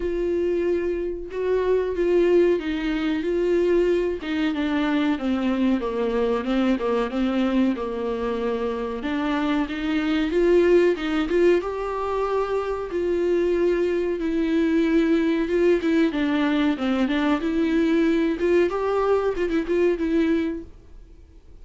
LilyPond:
\new Staff \with { instrumentName = "viola" } { \time 4/4 \tempo 4 = 93 f'2 fis'4 f'4 | dis'4 f'4. dis'8 d'4 | c'4 ais4 c'8 ais8 c'4 | ais2 d'4 dis'4 |
f'4 dis'8 f'8 g'2 | f'2 e'2 | f'8 e'8 d'4 c'8 d'8 e'4~ | e'8 f'8 g'4 f'16 e'16 f'8 e'4 | }